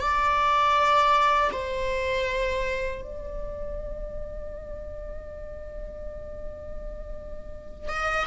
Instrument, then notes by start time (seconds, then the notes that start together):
viola
0.00 D5
1.52 C5
3.02 D5
7.89 D#5